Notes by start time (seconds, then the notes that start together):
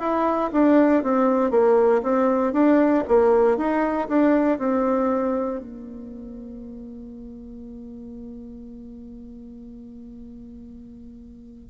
0.00 E4
0.53 D4
1.04 C4
1.51 A#3
2.03 C4
2.53 D4
3.08 A#3
3.57 D#4
4.09 D4
4.59 C4
5.60 A#3